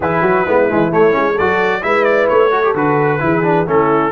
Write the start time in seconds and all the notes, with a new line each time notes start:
0.00 E3 E4 G#4 B4
0.21 F#3 F#4
0.44 G#3 B3 E4
0.69 E3 G#3
0.91 A3 C#5
1.10 G#3 C#4
1.33 F#3 A4 D5
1.39 F#4
1.82 G#3 E4 B4 E5
2.04 D5
2.28 A3 C#5
2.51 F#4 A4
2.63 G4
2.74 D3 F#4 B4
3.19 E3 E4 G#4
3.43 D4
3.66 A3 C#4 E4 A4